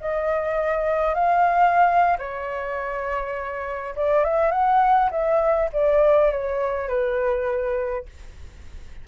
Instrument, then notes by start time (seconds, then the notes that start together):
flute
0.00 D#5
1.14 F5
2.18 C#5
3.95 D5
4.24 E5
4.51 F#5
5.10 E5
5.72 D5
6.31 C#5
6.88 B4